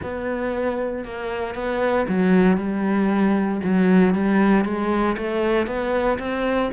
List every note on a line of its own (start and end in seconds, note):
0.02 1.04 B3
1.04 1.54 A#3
1.54 2.06 B3
2.08 2.57 F#3
2.57 3.60 G3
3.63 4.14 F#3
4.14 4.64 G3
4.64 5.16 G#3
5.17 5.66 A3
5.66 6.18 B3
6.19 6.70 C4